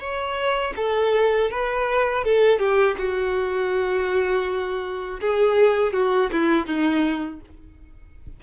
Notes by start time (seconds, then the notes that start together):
0.00 C#5
0.77 A4
1.51 B4
2.25 A4
2.59 G4
2.98 F#4
5.21 G#4
5.94 F#4
6.33 E4
6.67 D#4